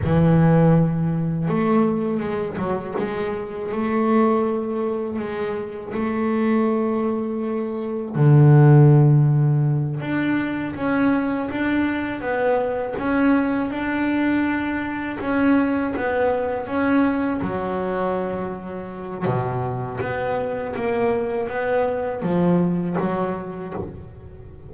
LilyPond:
\new Staff \with { instrumentName = "double bass" } { \time 4/4 \tempo 4 = 81 e2 a4 gis8 fis8 | gis4 a2 gis4 | a2. d4~ | d4. d'4 cis'4 d'8~ |
d'8 b4 cis'4 d'4.~ | d'8 cis'4 b4 cis'4 fis8~ | fis2 b,4 b4 | ais4 b4 f4 fis4 | }